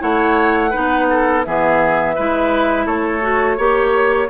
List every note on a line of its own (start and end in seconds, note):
0.00 0.74 A3
0.00 0.71 E4
0.00 0.71 C#5
0.00 1.44 F#5
0.71 1.45 D#4
0.71 1.06 B4
0.77 1.46 B3
1.10 1.46 A4
1.45 2.18 E3
1.45 2.17 B3
1.45 2.16 G#4
1.45 2.87 E5
2.16 2.87 G#3
2.16 3.22 E4
2.16 2.86 B4
2.86 3.58 A3
2.86 3.57 A4
2.86 4.30 C#5
3.22 3.58 F#4
3.57 4.30 A#3
3.57 4.30 G4
3.57 4.29 C#5